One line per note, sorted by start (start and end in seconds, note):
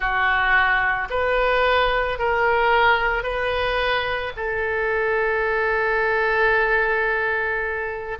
0.00 1.08 F#4
1.10 2.18 B4
2.18 3.23 A#4
3.23 4.32 B4
4.36 8.18 A4